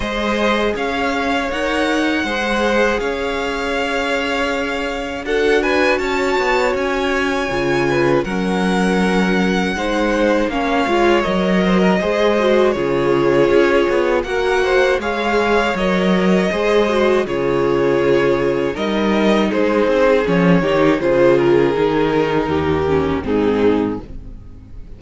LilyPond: <<
  \new Staff \with { instrumentName = "violin" } { \time 4/4 \tempo 4 = 80 dis''4 f''4 fis''2 | f''2. fis''8 gis''8 | a''4 gis''2 fis''4~ | fis''2 f''4 dis''4~ |
dis''4 cis''2 fis''4 | f''4 dis''2 cis''4~ | cis''4 dis''4 c''4 cis''4 | c''8 ais'2~ ais'8 gis'4 | }
  \new Staff \with { instrumentName = "violin" } { \time 4/4 c''4 cis''2 c''4 | cis''2. a'8 b'8 | cis''2~ cis''8 b'8 ais'4~ | ais'4 c''4 cis''4. c''16 ais'16 |
c''4 gis'2 ais'8 c''8 | cis''2 c''4 gis'4~ | gis'4 ais'4 gis'4. g'8 | gis'2 g'4 dis'4 | }
  \new Staff \with { instrumentName = "viola" } { \time 4/4 gis'2 ais'4 gis'4~ | gis'2. fis'4~ | fis'2 f'4 cis'4~ | cis'4 dis'4 cis'8 f'8 ais'4 |
gis'8 fis'8 f'2 fis'4 | gis'4 ais'4 gis'8 fis'8 f'4~ | f'4 dis'2 cis'8 dis'8 | f'4 dis'4. cis'8 c'4 | }
  \new Staff \with { instrumentName = "cello" } { \time 4/4 gis4 cis'4 dis'4 gis4 | cis'2. d'4 | cis'8 b8 cis'4 cis4 fis4~ | fis4 gis4 ais8 gis8 fis4 |
gis4 cis4 cis'8 b8 ais4 | gis4 fis4 gis4 cis4~ | cis4 g4 gis8 c'8 f8 dis8 | cis4 dis4 dis,4 gis,4 | }
>>